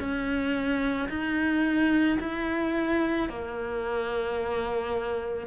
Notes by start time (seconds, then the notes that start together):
0.00 C#4
1.09 D#4
2.20 E4
3.29 A#3